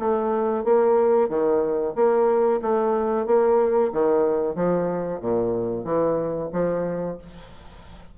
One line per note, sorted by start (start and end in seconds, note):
0.00 0.65 A3
0.65 1.29 A#3
1.29 1.94 D#3
1.96 2.61 A#3
2.62 3.26 A3
3.26 3.92 A#3
3.93 4.56 D#3
4.56 5.21 F3
5.21 5.85 A#2
5.85 6.50 E3
6.53 7.18 F3